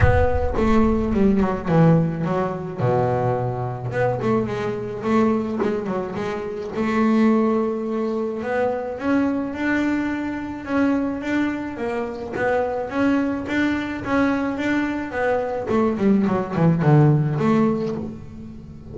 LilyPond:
\new Staff \with { instrumentName = "double bass" } { \time 4/4 \tempo 4 = 107 b4 a4 g8 fis8 e4 | fis4 b,2 b8 a8 | gis4 a4 gis8 fis8 gis4 | a2. b4 |
cis'4 d'2 cis'4 | d'4 ais4 b4 cis'4 | d'4 cis'4 d'4 b4 | a8 g8 fis8 e8 d4 a4 | }